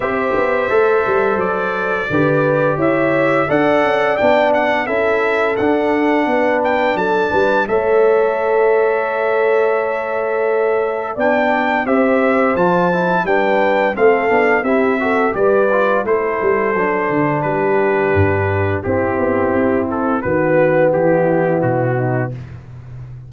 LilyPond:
<<
  \new Staff \with { instrumentName = "trumpet" } { \time 4/4 \tempo 4 = 86 e''2 d''2 | e''4 fis''4 g''8 fis''8 e''4 | fis''4. g''8 a''4 e''4~ | e''1 |
g''4 e''4 a''4 g''4 | f''4 e''4 d''4 c''4~ | c''4 b'2 g'4~ | g'8 a'8 b'4 g'4 fis'4 | }
  \new Staff \with { instrumentName = "horn" } { \time 4/4 c''2. b'4 | cis''4 d''2 a'4~ | a'4 b'4 a'8 b'8 cis''4~ | cis''1 |
d''4 c''2 b'4 | a'4 g'8 a'8 b'4 a'4~ | a'4 g'2 e'4~ | e'4 fis'4 e'4. dis'8 | }
  \new Staff \with { instrumentName = "trombone" } { \time 4/4 g'4 a'2 g'4~ | g'4 a'4 d'4 e'4 | d'2. a'4~ | a'1 |
d'4 g'4 f'8 e'8 d'4 | c'8 d'8 e'8 fis'8 g'8 f'8 e'4 | d'2. c'4~ | c'4 b2. | }
  \new Staff \with { instrumentName = "tuba" } { \time 4/4 c'8 b8 a8 g8 fis4 d4 | e'4 d'8 cis'8 b4 cis'4 | d'4 b4 fis8 g8 a4~ | a1 |
b4 c'4 f4 g4 | a8 b8 c'4 g4 a8 g8 | fis8 d8 g4 g,4 c'8 b8 | c'4 dis4 e4 b,4 | }
>>